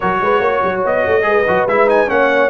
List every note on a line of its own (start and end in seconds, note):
0.00 0.21 F#3
0.00 1.22 F#4
0.00 0.19 A#4
0.00 0.81 C#5
0.21 0.39 G#3
0.21 0.40 B4
0.39 0.60 A#3
0.39 1.24 C#5
0.63 0.84 F#3
0.84 1.05 B3
0.84 1.68 D#5
1.06 1.22 A3
1.22 1.43 G#3
1.22 1.42 G#4
1.28 2.11 B4
1.47 1.66 F#3
1.47 1.68 F#4
1.66 2.08 G#3
1.66 1.87 E4
1.66 1.88 E5
1.87 2.07 D#4
1.87 2.09 G#5
2.07 2.49 A#3
2.07 2.49 C#4
2.07 2.49 C#5
2.07 2.49 F#5